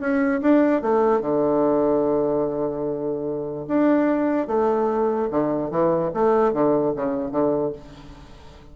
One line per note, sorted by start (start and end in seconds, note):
0.00 0.41 C#4
0.41 0.81 D4
0.81 1.21 A3
1.21 3.65 D3
3.68 4.47 D4
4.47 5.29 A3
5.30 5.70 D3
5.70 6.11 E3
6.13 6.53 A3
6.53 6.93 D3
6.96 7.31 C#3
7.31 7.72 D3